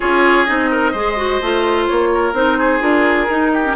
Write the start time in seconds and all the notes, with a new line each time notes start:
0.00 C#4 F4 G#4 C#5
0.45 C4 D#4 D#5
0.71 A#4
0.92 G#3 G#4 C5
1.16 F#4
1.41 A3 F4
1.86 A#3 C#5
2.14 A#4
2.33 C4 D#4 C5
2.58 G#4
2.80 D4 F4 A#4
3.29 D#4
3.53 G4
3.64 C#4